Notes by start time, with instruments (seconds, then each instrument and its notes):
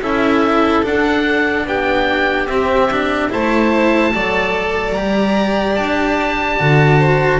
0.00 double bass C#4, cello E4, violin A4, oboe E5
0.83 cello D4, double bass D4, oboe F#5
1.65 double bass B3, violin G4, oboe G5
2.47 double bass C4, cello C4, oboe E5
2.91 cello D4
3.29 double bass A3, cello E4, violin C5, oboe A5
4.13 double bass F#3, cello A4, violin D5
4.92 double bass G3, cello G4, oboe A#5
5.75 double bass D4, oboe A5
6.59 double bass D3, cello F#4
6.98 violin C5